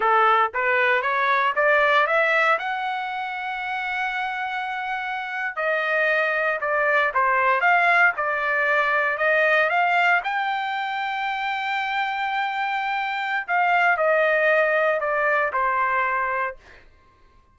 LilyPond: \new Staff \with { instrumentName = "trumpet" } { \time 4/4 \tempo 4 = 116 a'4 b'4 cis''4 d''4 | e''4 fis''2.~ | fis''2~ fis''8. dis''4~ dis''16~ | dis''8. d''4 c''4 f''4 d''16~ |
d''4.~ d''16 dis''4 f''4 g''16~ | g''1~ | g''2 f''4 dis''4~ | dis''4 d''4 c''2 | }